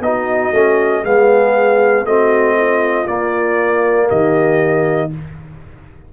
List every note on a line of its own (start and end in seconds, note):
0.00 0.51 B3
0.00 0.54 D#4
0.00 1.03 F#4
0.00 1.05 D#5
0.53 1.03 A3
0.53 1.04 C#4
1.03 2.05 G#3
1.03 2.06 B3
1.03 2.05 G#4
1.03 2.07 F5
2.05 3.06 A3
2.05 3.07 C4
2.05 2.57 F#4
2.05 3.07 D#5
2.57 4.08 F4
3.07 5.11 A#3
3.07 4.10 A#3
3.07 4.09 D5
4.08 5.13 D#3
4.08 5.10 G4
4.08 5.12 D#5